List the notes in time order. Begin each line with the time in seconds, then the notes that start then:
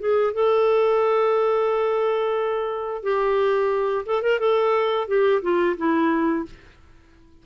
0.00 G#4
0.34 A4
3.03 G4
4.06 A4
4.23 A#4
4.40 A4
5.08 G4
5.43 F4
5.77 E4